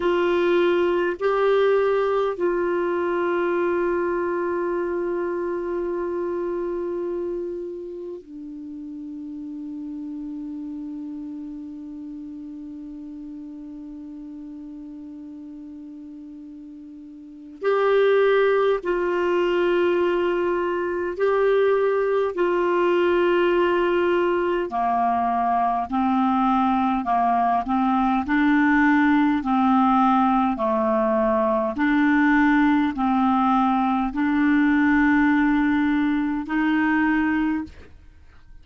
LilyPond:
\new Staff \with { instrumentName = "clarinet" } { \time 4/4 \tempo 4 = 51 f'4 g'4 f'2~ | f'2. d'4~ | d'1~ | d'2. g'4 |
f'2 g'4 f'4~ | f'4 ais4 c'4 ais8 c'8 | d'4 c'4 a4 d'4 | c'4 d'2 dis'4 | }